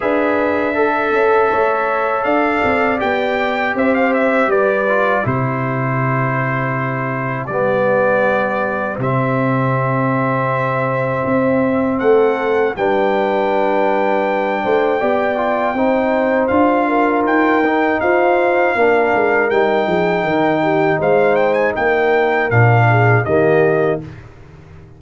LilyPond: <<
  \new Staff \with { instrumentName = "trumpet" } { \time 4/4 \tempo 4 = 80 e''2. f''4 | g''4 e''16 f''16 e''8 d''4 c''4~ | c''2 d''2 | e''1 |
fis''4 g''2.~ | g''2 f''4 g''4 | f''2 g''2 | f''8 g''16 gis''16 g''4 f''4 dis''4 | }
  \new Staff \with { instrumentName = "horn" } { \time 4/4 b'4 a'4 cis''4 d''4~ | d''4 c''4 b'4 g'4~ | g'1~ | g'1 |
a'4 b'2~ b'8 c''8 | d''4 c''4. ais'4. | c''4 ais'4. gis'8 ais'8 g'8 | c''4 ais'4. gis'8 g'4 | }
  \new Staff \with { instrumentName = "trombone" } { \time 4/4 gis'4 a'2. | g'2~ g'8 f'8 e'4~ | e'2 b2 | c'1~ |
c'4 d'2. | g'8 f'8 dis'4 f'4. dis'8~ | dis'4 d'4 dis'2~ | dis'2 d'4 ais4 | }
  \new Staff \with { instrumentName = "tuba" } { \time 4/4 d'4. cis'8 a4 d'8 c'8 | b4 c'4 g4 c4~ | c2 g2 | c2. c'4 |
a4 g2~ g8 a8 | b4 c'4 d'4 dis'4 | f'4 ais8 gis8 g8 f8 dis4 | gis4 ais4 ais,4 dis4 | }
>>